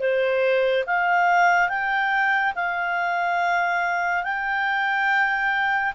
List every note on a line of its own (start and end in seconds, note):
0.00 0.85 C5
0.87 1.69 F5
1.69 2.54 G5
2.56 4.24 F5
4.24 5.93 G5